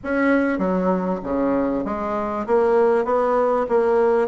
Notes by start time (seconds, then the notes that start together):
0.03 C#4
0.58 F#3
1.23 C#3
1.85 G#3
2.46 A#3
3.04 B3
3.68 A#3